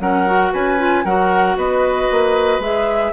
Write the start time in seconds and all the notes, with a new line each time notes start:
0.00 F#3 C#4 A#4 F#5
0.27 F#4
0.53 C#4 B4 G#5
0.78 F4
1.05 F#3 F#4 A#4 F#5
1.57 B3 B4 D#5
2.11 A#3
2.60 G#3 G#4 E5